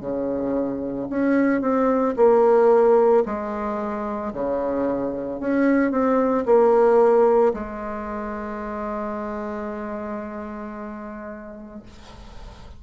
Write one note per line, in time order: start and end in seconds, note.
0.00 1.07 C#3
1.09 1.61 C#4
1.61 2.14 C4
2.16 3.23 A#3
3.25 4.32 G#3
4.33 5.40 C#3
5.40 5.91 C#4
5.91 6.44 C4
6.45 7.52 A#3
7.53 11.82 G#3